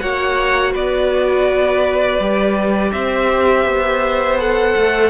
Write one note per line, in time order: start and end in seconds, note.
0.00 0.75 A#3
0.00 2.20 F#4
0.00 0.72 C#5
0.00 0.73 F#5
0.72 2.19 B3
0.72 2.92 B4
0.72 2.92 D5
2.19 2.92 G3
2.19 4.38 G4
2.92 3.65 C4
2.92 5.10 C5
2.92 4.38 E5
3.65 4.75 B3
4.38 5.10 A4
4.38 5.10 F#5
4.76 5.10 A3